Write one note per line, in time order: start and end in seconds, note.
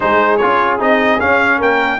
0.00 0.43 G#3
0.00 0.39 D#4
0.00 1.57 G#4
0.00 0.37 C5
0.37 0.79 F4
0.37 0.77 C#5
0.43 0.80 C#4
0.79 1.20 C4
0.79 1.19 D#4
0.79 1.20 D#5
1.19 2.00 C#4
1.19 1.61 C#4
1.19 1.60 F5
1.57 2.00 A#3
1.57 1.97 A#4
1.57 2.00 G5